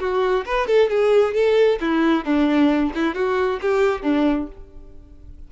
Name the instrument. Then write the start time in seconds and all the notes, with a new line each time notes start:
violin
0.00 F#4
0.46 B4
0.67 A4
0.90 G#4
1.34 A4
1.81 E4
2.25 D4
2.94 E4
3.15 F#4
3.62 G4
4.02 D4